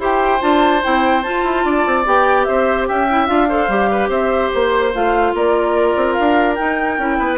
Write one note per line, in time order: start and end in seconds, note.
0.00 0.41 E4
0.00 0.40 G4
0.00 1.65 C5
0.00 0.42 G5
0.40 0.83 D4
0.40 0.82 F4
0.40 0.83 A5
0.83 1.26 C4
0.83 1.24 E4
0.83 1.23 G5
1.23 2.05 F4
1.23 1.44 F4
1.23 2.05 A5
1.44 1.64 E4
1.65 1.85 D4
1.65 2.48 D5
1.87 2.06 C4
2.05 2.47 B3
2.05 3.08 G4
2.05 2.44 G5
2.44 2.90 C4
2.44 2.89 C5
2.44 2.86 E5
2.89 3.29 C#4
2.89 3.49 E5
2.89 3.27 G5
3.09 3.27 E4
3.27 3.68 D4
3.27 3.48 F4
3.27 4.10 F5
3.49 3.70 A4
3.49 3.90 C5
3.68 4.09 G3
3.68 4.94 G4
3.91 4.09 B4
4.09 4.50 C4
4.09 5.33 C5
4.09 4.52 E5
4.53 4.95 A#3
4.53 4.94 C5
4.94 5.34 A3
4.94 6.58 F4
4.94 5.36 F5
5.34 5.96 A#3
5.34 7.19 A#4
5.34 6.14 D5
5.97 6.17 C4
6.14 6.55 F5
6.20 6.59 D4
6.55 6.99 D#4
6.55 6.98 D#4
6.55 7.38 G5
6.98 7.19 C#4
6.98 7.39 E4
7.19 7.39 B3
7.19 7.39 B4